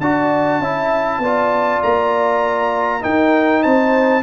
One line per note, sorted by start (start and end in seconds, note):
0.00 0.58 D4
0.00 0.62 F#4
0.00 0.61 D5
0.00 1.82 A5
0.58 1.18 C#4
0.58 1.23 E4
0.58 1.21 E5
1.18 1.79 B3
1.18 3.01 F4
1.18 3.02 D5
1.82 3.04 A#3
1.82 3.03 A#5
3.01 4.22 D#4
3.01 3.65 D#4
3.01 3.62 A#4
3.01 3.62 G5
3.62 4.22 C4
3.62 4.22 C5
3.62 4.22 A5